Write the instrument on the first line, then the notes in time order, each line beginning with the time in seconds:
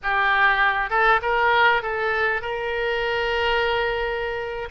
oboe
0.02 G4
0.90 A4
1.21 A#4
1.82 A4
2.41 A#4